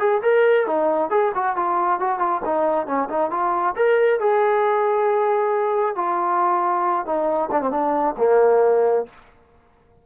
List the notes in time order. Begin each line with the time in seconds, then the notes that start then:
0.00 G#4
0.23 A#4
0.67 D#4
1.10 G#4
1.35 F#4
1.57 F4
2.00 F#4
2.19 F4
2.45 D#4
2.87 C#4
3.10 D#4
3.31 F4
3.76 A#4
4.20 G#4
5.96 F4
7.06 D#4
7.51 D4
7.62 C4
7.71 D4
8.18 A#3